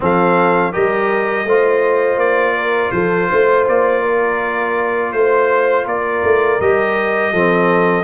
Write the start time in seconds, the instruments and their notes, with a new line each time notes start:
0.00 tuba F3, trombone C4, horn A4, trumpet F5
0.72 tuba G3, trombone G4, horn A#4, trumpet D#5
1.45 tuba A3, trombone F4, horn C5
2.17 tuba A#3, trumpet D5
2.55 horn A#4
2.91 tuba F3, horn A4, trumpet C5
3.29 tuba A3, horn C5
3.67 tuba A#3, trumpet D5
4.02 horn A#4
5.12 tuba A3, trumpet C5, horn C5
5.86 tuba A#3, horn A#4, trumpet D5
6.23 tuba A3
6.60 tuba G3, trombone G4, trumpet D#5
7.32 tuba F3, trombone C4, horn A4